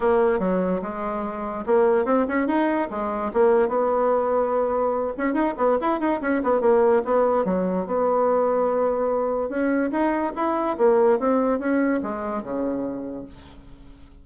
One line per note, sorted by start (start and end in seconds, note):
0.00 0.39 A#3
0.39 0.80 F#3
0.82 1.64 G#3
1.66 2.05 A#3
2.05 2.26 C4
2.28 2.47 C#4
2.47 2.88 D#4
2.90 3.31 G#3
3.33 3.68 A#3
3.68 5.13 B3
5.17 5.33 C#4
5.33 5.54 D#4
5.57 5.77 B3
5.80 5.99 E4
5.99 6.20 D#4
6.21 6.41 C#4
6.43 6.60 B3
6.60 7.02 A#3
7.04 7.44 B3
7.44 7.86 F#3
7.86 9.49 B3
9.49 9.90 C#4
9.91 10.32 D#4
10.35 10.77 E4
10.77 11.19 A#3
11.19 11.59 C4
11.59 12.00 C#4
12.02 12.42 G#3
12.42 13.25 C#3